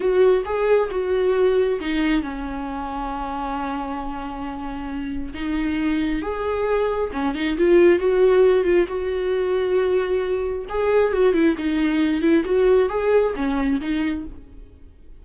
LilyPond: \new Staff \with { instrumentName = "viola" } { \time 4/4 \tempo 4 = 135 fis'4 gis'4 fis'2 | dis'4 cis'2.~ | cis'1 | dis'2 gis'2 |
cis'8 dis'8 f'4 fis'4. f'8 | fis'1 | gis'4 fis'8 e'8 dis'4. e'8 | fis'4 gis'4 cis'4 dis'4 | }